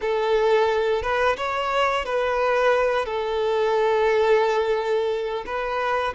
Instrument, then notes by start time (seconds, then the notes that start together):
violin
0.01 A4
1.02 B4
1.36 C#5
2.05 B4
3.05 A4
5.45 B4